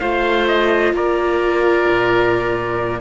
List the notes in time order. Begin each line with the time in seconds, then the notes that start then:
0.00 A3 F4 C5 F5
0.48 D#5
0.93 A#3 A#4 D5
1.90 A#2